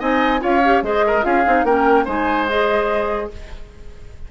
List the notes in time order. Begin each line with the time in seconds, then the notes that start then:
0.00 C4 D#4 D#5 G#5
0.40 C#4 F4 C#5 F5
0.65 G4
0.83 G#3 G#4 C5 D#5
1.07 A#4
1.23 C#4 F4 G#4 F5
1.46 C4 D#4
1.64 A#3 C#4 A#4 G5
2.05 G#3 D#4 C5 G#5
2.48 G#4 D#5